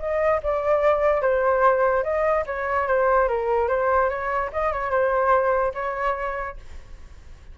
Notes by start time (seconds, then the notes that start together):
0.00 D#5
0.44 D5
1.22 C5
2.04 D#5
2.47 C#5
2.88 C5
3.29 A#4
3.69 C5
4.10 C#5
4.53 D#5
4.73 C#5
4.91 C5
5.75 C#5